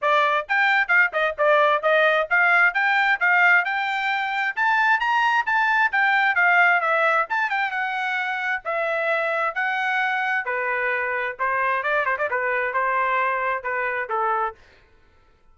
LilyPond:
\new Staff \with { instrumentName = "trumpet" } { \time 4/4 \tempo 4 = 132 d''4 g''4 f''8 dis''8 d''4 | dis''4 f''4 g''4 f''4 | g''2 a''4 ais''4 | a''4 g''4 f''4 e''4 |
a''8 g''8 fis''2 e''4~ | e''4 fis''2 b'4~ | b'4 c''4 d''8 c''16 d''16 b'4 | c''2 b'4 a'4 | }